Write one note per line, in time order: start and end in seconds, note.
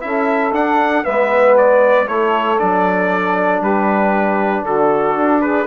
0.00 0.52 C#4
0.00 0.51 E4
0.00 1.04 A4
0.00 0.52 E5
0.52 1.04 D4
0.52 1.04 F#5
1.04 2.08 G#3
1.04 2.06 B3
1.04 2.07 B4
1.04 1.55 E5
1.57 2.07 D5
2.07 2.59 A3
2.07 2.58 E4
2.07 3.60 A4
2.07 2.59 C#5
2.58 3.61 F#3
2.58 5.66 D4
2.58 3.62 D5
3.60 4.62 G3
3.60 4.62 G4
3.60 4.65 B4
4.62 5.14 D3
4.62 5.40 F#4
4.62 5.41 A4
5.16 5.66 D4
5.41 5.66 G#4
5.41 5.66 B4